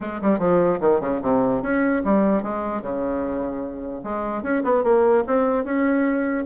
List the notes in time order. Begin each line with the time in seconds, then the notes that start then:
0.00 G#3
0.21 G3
0.38 F3
0.80 D#3
1.00 C#3
1.22 C3
1.62 C#4
2.04 G3
2.43 G#3
2.81 C#3
4.03 G#3
4.42 C#4
4.63 B3
4.83 A#3
5.27 C4
5.64 C#4